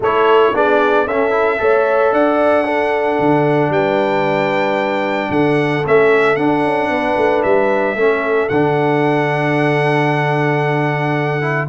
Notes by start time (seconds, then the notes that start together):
0.00 A3 E4 A4 C#5
0.53 B3 D4 G#4 D5
1.06 C#4 A4 E5
1.30 E4
1.58 A3 A4 C#5
2.12 D4 D5 F#5
2.64 D4 A4
3.19 D3
3.69 G3 B4 G5
5.30 D3 A4 F#5
5.85 A3 C#4 E5
6.36 D4 F#5
6.63 C#4
6.89 B3 B4
7.16 A3
7.43 G3 E5
7.94 A3 C#4 A4
8.49 D3 D4 F#5
11.41 E4